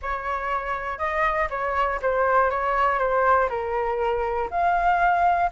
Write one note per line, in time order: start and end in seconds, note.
0.01 0.98 C#5
0.98 1.48 D#5
1.50 2.00 C#5
2.01 2.50 C5
2.50 2.98 C#5
2.98 3.48 C5
3.49 4.49 A#4
4.50 5.50 F5